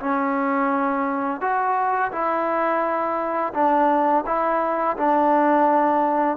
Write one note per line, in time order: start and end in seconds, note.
0.00 1.41 C#4
1.41 2.12 F#4
2.12 3.53 E4
3.54 4.25 D4
4.26 4.97 E4
4.97 6.38 D4